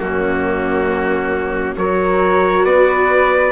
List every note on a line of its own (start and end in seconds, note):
0.00 1.76 F#2
0.00 1.76 A#3
0.00 1.78 C#4
0.00 1.77 F#4
1.76 2.65 F#3
1.76 3.52 F#4
1.76 2.65 A#4
1.76 2.66 C#5
2.65 3.53 B3
2.65 3.53 B4
2.65 3.53 D5